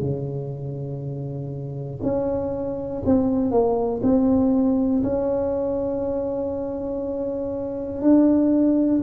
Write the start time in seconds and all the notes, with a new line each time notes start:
0.00 C#3
2.02 C#4
3.05 C4
3.51 A#3
4.02 C4
5.03 C#4
8.02 D4